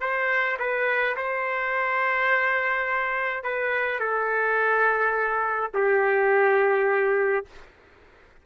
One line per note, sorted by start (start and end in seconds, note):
0.00 0.57 C5
0.59 1.16 B4
1.16 3.43 C5
3.43 3.99 B4
3.99 5.71 A4
5.74 7.45 G4